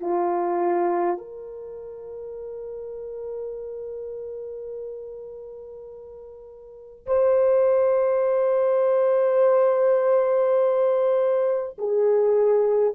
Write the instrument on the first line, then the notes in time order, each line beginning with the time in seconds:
horn
0.00 F4
1.17 A#4
7.06 C5
11.78 G#4